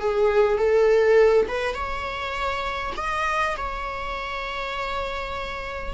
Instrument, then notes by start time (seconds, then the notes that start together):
viola
0.00 G#4
0.58 A4
1.48 B4
1.74 C#5
2.97 D#5
3.57 C#5